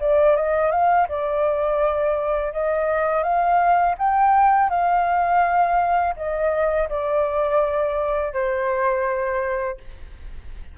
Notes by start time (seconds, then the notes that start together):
0.00 D5
0.36 D#5
0.71 F5
1.08 D5
2.53 D#5
3.23 F5
3.98 G5
4.70 F5
6.16 D#5
6.89 D5
8.33 C5